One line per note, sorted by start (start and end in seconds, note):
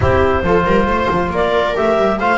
0.00 0.42 C4
0.00 0.44 E4
0.00 0.44 G4
0.00 1.32 C5
0.42 0.64 F3
0.42 1.75 F4
0.42 0.65 A4
0.65 0.85 G3
0.65 0.87 A#4
0.85 1.07 A3
0.85 1.31 C5
1.10 1.29 F3
1.29 1.73 A#3
1.29 2.19 A#4
1.29 1.76 D5
1.75 1.97 A3
1.75 2.19 G4
1.75 2.19 E5
1.97 2.19 G3
2.19 2.38 A3
2.19 2.38 F4
2.19 2.38 C5
2.19 2.38 F5